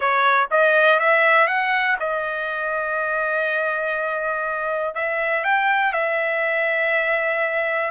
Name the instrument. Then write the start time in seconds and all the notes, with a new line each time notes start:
trumpet
0.00 C#5
0.50 D#5
0.99 E5
1.47 F#5
1.99 D#5
4.95 E5
5.44 G5
5.93 E5